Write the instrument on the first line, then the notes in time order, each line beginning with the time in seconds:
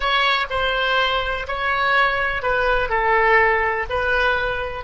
oboe
0.00 C#5
0.49 C5
1.47 C#5
2.42 B4
2.89 A4
3.89 B4